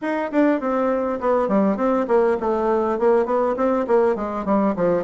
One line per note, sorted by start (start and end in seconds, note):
0.01 0.31 D#4
0.31 0.60 D4
0.60 1.19 C4
1.20 1.48 B3
1.48 1.76 G3
1.76 2.06 C4
2.07 2.37 A#3
2.40 2.99 A3
2.99 3.25 A#3
3.25 3.55 B3
3.56 3.86 C4
3.87 4.15 A#3
4.15 4.45 G#3
4.45 4.74 G3
4.76 5.03 F3